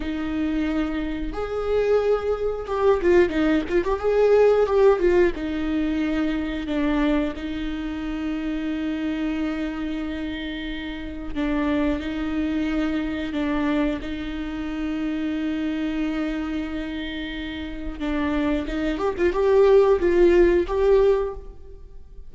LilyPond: \new Staff \with { instrumentName = "viola" } { \time 4/4 \tempo 4 = 90 dis'2 gis'2 | g'8 f'8 dis'8 f'16 g'16 gis'4 g'8 f'8 | dis'2 d'4 dis'4~ | dis'1~ |
dis'4 d'4 dis'2 | d'4 dis'2.~ | dis'2. d'4 | dis'8 g'16 f'16 g'4 f'4 g'4 | }